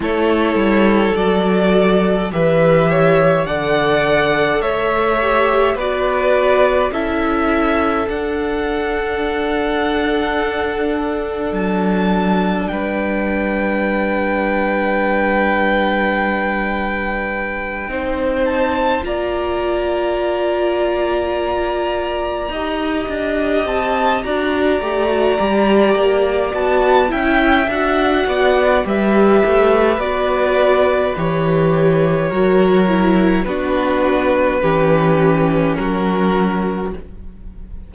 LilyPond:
<<
  \new Staff \with { instrumentName = "violin" } { \time 4/4 \tempo 4 = 52 cis''4 d''4 e''4 fis''4 | e''4 d''4 e''4 fis''4~ | fis''2 a''4 g''4~ | g''1 |
a''8 ais''2.~ ais''8~ | ais''8 a''8 ais''2 a''8 g''8 | fis''4 e''4 d''4 cis''4~ | cis''4 b'2 ais'4 | }
  \new Staff \with { instrumentName = "violin" } { \time 4/4 a'2 b'8 cis''8 d''4 | cis''4 b'4 a'2~ | a'2. b'4~ | b'2.~ b'8 c''8~ |
c''8 d''2. dis''8~ | dis''4 d''2~ d''8 e''8~ | e''8 d''8 b'2. | ais'4 fis'4 g'4 fis'4 | }
  \new Staff \with { instrumentName = "viola" } { \time 4/4 e'4 fis'4 g'4 a'4~ | a'8 g'8 fis'4 e'4 d'4~ | d'1~ | d'2.~ d'8 dis'8~ |
dis'8 f'2. g'8~ | g'4 fis'8 g'16 fis'16 g'4 fis'8 e'8 | fis'4 g'4 fis'4 g'4 | fis'8 e'8 d'4 cis'2 | }
  \new Staff \with { instrumentName = "cello" } { \time 4/4 a8 g8 fis4 e4 d4 | a4 b4 cis'4 d'4~ | d'2 fis4 g4~ | g2.~ g8 c'8~ |
c'8 ais2. dis'8 | d'8 c'8 d'8 a8 g8 ais8 b8 cis'8 | d'8 b8 g8 a8 b4 e4 | fis4 b4 e4 fis4 | }
>>